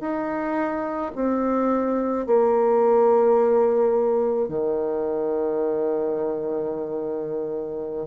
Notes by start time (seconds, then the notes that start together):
0.00 D#4
1.15 C4
2.26 A#3
4.48 D#3